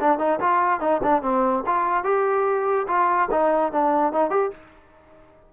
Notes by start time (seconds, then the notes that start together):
0.00 D4
0.19 D#4
0.40 F4
0.80 D#4
1.03 D4
1.22 C4
1.66 F4
2.04 G4
2.88 F4
3.31 D#4
3.72 D4
4.12 D#4
4.30 G4